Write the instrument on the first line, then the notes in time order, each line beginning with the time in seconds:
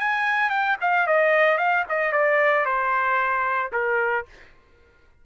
trumpet
0.00 G#5
0.50 G5
0.81 F5
1.07 D#5
1.58 F5
1.89 D#5
2.12 D5
2.65 C5
3.72 A#4